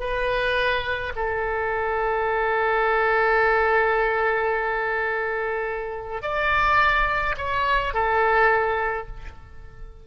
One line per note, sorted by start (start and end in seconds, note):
0.00 1.13 B4
1.16 6.22 A4
6.22 7.36 D5
7.38 7.94 C#5
7.94 9.07 A4